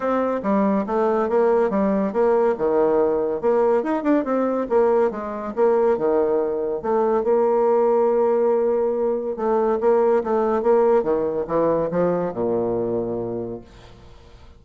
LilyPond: \new Staff \with { instrumentName = "bassoon" } { \time 4/4 \tempo 4 = 141 c'4 g4 a4 ais4 | g4 ais4 dis2 | ais4 dis'8 d'8 c'4 ais4 | gis4 ais4 dis2 |
a4 ais2.~ | ais2 a4 ais4 | a4 ais4 dis4 e4 | f4 ais,2. | }